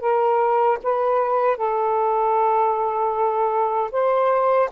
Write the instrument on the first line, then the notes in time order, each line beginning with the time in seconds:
saxophone
0.00 A#4
0.83 B4
1.57 A4
3.91 C5